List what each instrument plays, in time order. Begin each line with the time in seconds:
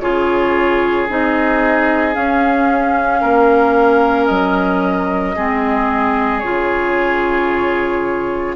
0.00 bassoon C#3, clarinet F4, oboe G#4, flute C#5
1.08 bassoon C4, clarinet D#4, flute D#5
2.14 clarinet C#4, bassoon C#4, flute F5
3.21 bassoon A#3, oboe A#4
4.26 bassoon F#3, flute D#5
5.35 bassoon G#3, clarinet C4, oboe G#4
6.40 bassoon C#3, clarinet F4, flute C#5